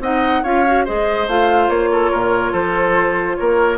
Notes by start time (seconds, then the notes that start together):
0.00 C4 D#4 D#5 F#5
0.43 C#4 F4 C#5 F5
0.67 F#4
0.85 G#3 G#4 C5 D#5
1.27 A3 F4 F5
1.69 A#3 C#5
1.92 A4
2.11 A#2 A#4
2.52 F3 A4 C5
3.36 A#3 A#4 C#5